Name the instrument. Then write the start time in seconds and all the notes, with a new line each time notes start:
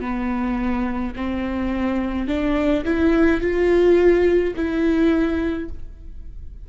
viola
0.00 B3
1.16 C4
2.27 D4
2.85 E4
3.41 F4
4.56 E4